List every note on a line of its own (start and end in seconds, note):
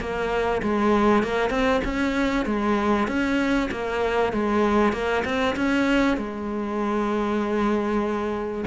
0.00 0.62 A#3
0.62 1.23 G#3
1.23 1.50 A#3
1.50 1.81 C4
1.84 2.46 C#4
2.46 3.08 G#3
3.08 3.69 C#4
3.71 4.33 A#3
4.33 4.93 G#3
4.93 5.24 A#3
5.25 5.56 C4
5.56 6.17 C#4
6.17 8.65 G#3